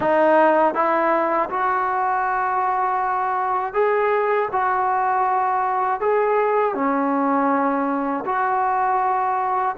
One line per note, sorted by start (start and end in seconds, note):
0.00 0.74 D#4
0.74 1.49 E4
1.49 3.73 F#4
3.73 4.48 G#4
4.52 6.00 F#4
6.00 6.74 G#4
6.74 8.24 C#4
8.25 9.75 F#4